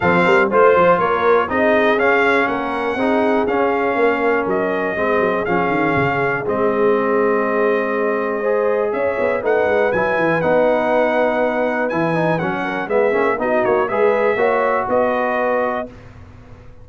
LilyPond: <<
  \new Staff \with { instrumentName = "trumpet" } { \time 4/4 \tempo 4 = 121 f''4 c''4 cis''4 dis''4 | f''4 fis''2 f''4~ | f''4 dis''2 f''4~ | f''4 dis''2.~ |
dis''2 e''4 fis''4 | gis''4 fis''2. | gis''4 fis''4 e''4 dis''8 cis''8 | e''2 dis''2 | }
  \new Staff \with { instrumentName = "horn" } { \time 4/4 a'8 ais'8 c''4 ais'4 gis'4~ | gis'4 ais'4 gis'2 | ais'2 gis'2~ | gis'1~ |
gis'4 c''4 cis''4 b'4~ | b'1~ | b'4. ais'8 gis'4 fis'4 | b'4 cis''4 b'2 | }
  \new Staff \with { instrumentName = "trombone" } { \time 4/4 c'4 f'2 dis'4 | cis'2 dis'4 cis'4~ | cis'2 c'4 cis'4~ | cis'4 c'2.~ |
c'4 gis'2 dis'4 | e'4 dis'2. | e'8 dis'8 cis'4 b8 cis'8 dis'4 | gis'4 fis'2. | }
  \new Staff \with { instrumentName = "tuba" } { \time 4/4 f8 g8 a8 f8 ais4 c'4 | cis'4 ais4 c'4 cis'4 | ais4 fis4 gis8 fis8 f8 dis8 | cis4 gis2.~ |
gis2 cis'8 b8 a8 gis8 | fis8 e8 b2. | e4 fis4 gis8 ais8 b8 ais8 | gis4 ais4 b2 | }
>>